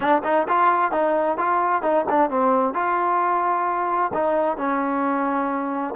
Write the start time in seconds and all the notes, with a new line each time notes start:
0.00 D4
0.24 D#4
0.48 F4
0.91 D#4
1.37 F4
1.82 D#4
2.09 D4
2.30 C4
2.74 F4
4.13 D#4
4.57 C#4